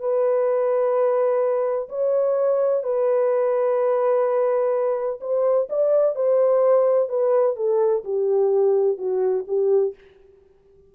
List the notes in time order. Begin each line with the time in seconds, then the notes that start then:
0.00 B4
1.89 C#5
2.84 B4
5.21 C5
5.70 D5
6.16 C5
7.10 B4
7.57 A4
8.05 G4
8.98 F#4
9.48 G4